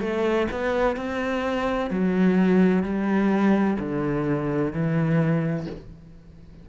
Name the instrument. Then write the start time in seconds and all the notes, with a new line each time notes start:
cello
0.00 A3
0.51 B3
0.96 C4
1.90 F#3
2.83 G3
3.79 D3
4.73 E3